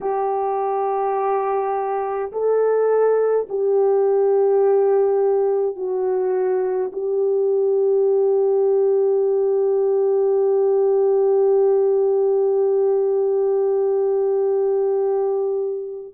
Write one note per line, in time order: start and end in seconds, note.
0.01 2.31 G4
2.31 3.47 A4
3.49 5.76 G4
5.76 6.91 F#4
6.92 16.14 G4